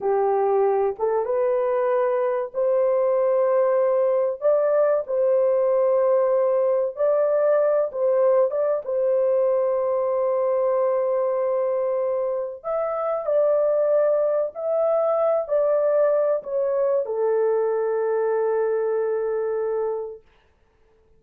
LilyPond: \new Staff \with { instrumentName = "horn" } { \time 4/4 \tempo 4 = 95 g'4. a'8 b'2 | c''2. d''4 | c''2. d''4~ | d''8 c''4 d''8 c''2~ |
c''1 | e''4 d''2 e''4~ | e''8 d''4. cis''4 a'4~ | a'1 | }